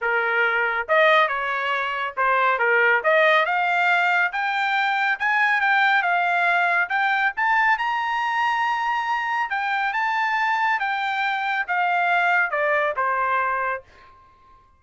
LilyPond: \new Staff \with { instrumentName = "trumpet" } { \time 4/4 \tempo 4 = 139 ais'2 dis''4 cis''4~ | cis''4 c''4 ais'4 dis''4 | f''2 g''2 | gis''4 g''4 f''2 |
g''4 a''4 ais''2~ | ais''2 g''4 a''4~ | a''4 g''2 f''4~ | f''4 d''4 c''2 | }